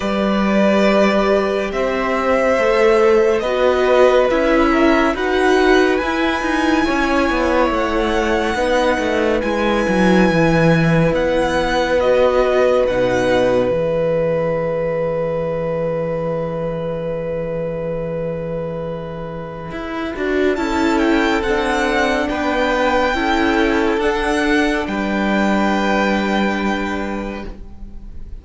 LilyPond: <<
  \new Staff \with { instrumentName = "violin" } { \time 4/4 \tempo 4 = 70 d''2 e''2 | dis''4 e''4 fis''4 gis''4~ | gis''4 fis''2 gis''4~ | gis''4 fis''4 dis''4 fis''4 |
e''1~ | e''1 | a''8 g''8 fis''4 g''2 | fis''4 g''2. | }
  \new Staff \with { instrumentName = "violin" } { \time 4/4 b'2 c''2 | b'4. ais'8 b'2 | cis''2 b'2~ | b'1~ |
b'1~ | b'1 | a'2 b'4 a'4~ | a'4 b'2. | }
  \new Staff \with { instrumentName = "viola" } { \time 4/4 g'2. a'4 | fis'4 e'4 fis'4 e'4~ | e'2 dis'4 e'4~ | e'2 fis'4 dis'4 |
gis'1~ | gis'2.~ gis'8 fis'8 | e'4 d'2 e'4 | d'1 | }
  \new Staff \with { instrumentName = "cello" } { \time 4/4 g2 c'4 a4 | b4 cis'4 dis'4 e'8 dis'8 | cis'8 b8 a4 b8 a8 gis8 fis8 | e4 b2 b,4 |
e1~ | e2. e'8 d'8 | cis'4 c'4 b4 cis'4 | d'4 g2. | }
>>